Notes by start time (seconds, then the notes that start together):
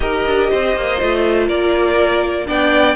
0.00 D#4 G4 A#4 D#5
0.26 D4
0.50 C4 C5
0.76 A#3
1.01 A3 F4
1.47 A#3 A#4 D5
2.46 B3 D4 D5 G5